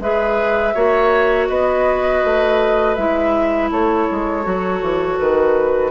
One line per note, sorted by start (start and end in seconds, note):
0.00 0.74 G#3
0.00 0.75 G#4
0.00 0.75 B4
0.00 1.47 E5
0.75 1.49 A#3
0.75 2.97 F#4
0.75 1.49 C#5
1.47 2.23 B3
1.47 3.71 B4
1.47 2.95 D#5
2.25 2.98 A3
2.95 3.71 G#3
2.95 4.43 E4
2.95 3.69 E5
3.71 4.08 A3
3.71 5.91 A4
3.71 5.19 C#5
4.11 4.46 G#3
4.43 4.82 F#3
4.43 5.91 F#4
4.82 5.19 E3
5.19 5.91 D#3
5.19 5.91 B4